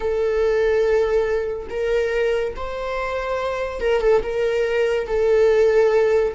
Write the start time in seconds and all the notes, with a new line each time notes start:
0.00 A4
1.69 A#4
2.56 C5
3.80 A#4
4.01 A4
4.22 A#4
5.07 A4